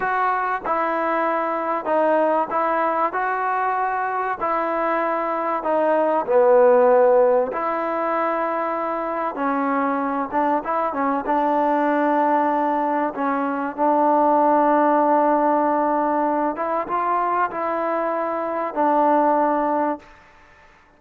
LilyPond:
\new Staff \with { instrumentName = "trombone" } { \time 4/4 \tempo 4 = 96 fis'4 e'2 dis'4 | e'4 fis'2 e'4~ | e'4 dis'4 b2 | e'2. cis'4~ |
cis'8 d'8 e'8 cis'8 d'2~ | d'4 cis'4 d'2~ | d'2~ d'8 e'8 f'4 | e'2 d'2 | }